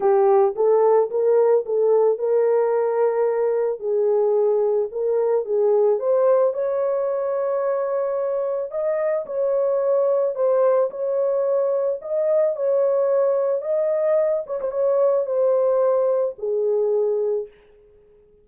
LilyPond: \new Staff \with { instrumentName = "horn" } { \time 4/4 \tempo 4 = 110 g'4 a'4 ais'4 a'4 | ais'2. gis'4~ | gis'4 ais'4 gis'4 c''4 | cis''1 |
dis''4 cis''2 c''4 | cis''2 dis''4 cis''4~ | cis''4 dis''4. cis''16 c''16 cis''4 | c''2 gis'2 | }